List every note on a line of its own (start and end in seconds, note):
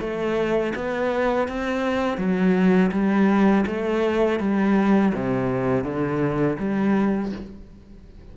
0.00 0.73 A3
0.75 1.48 B3
1.48 2.18 C4
2.18 2.91 F#3
2.92 3.65 G3
3.67 4.40 A3
4.40 5.13 G3
5.14 5.84 C3
5.84 6.58 D3
6.59 7.32 G3